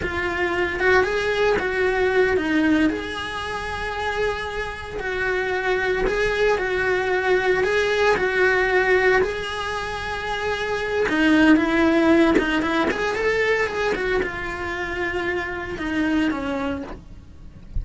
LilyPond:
\new Staff \with { instrumentName = "cello" } { \time 4/4 \tempo 4 = 114 f'4. fis'8 gis'4 fis'4~ | fis'8 dis'4 gis'2~ gis'8~ | gis'4. fis'2 gis'8~ | gis'8 fis'2 gis'4 fis'8~ |
fis'4. gis'2~ gis'8~ | gis'4 dis'4 e'4. dis'8 | e'8 gis'8 a'4 gis'8 fis'8 f'4~ | f'2 dis'4 cis'4 | }